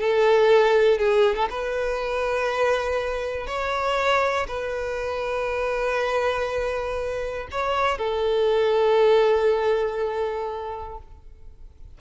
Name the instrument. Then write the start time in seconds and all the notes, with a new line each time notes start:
violin
0.00 A4
0.98 G#4
1.36 A4
1.50 B4
3.47 C#5
4.48 B4
7.51 C#5
7.98 A4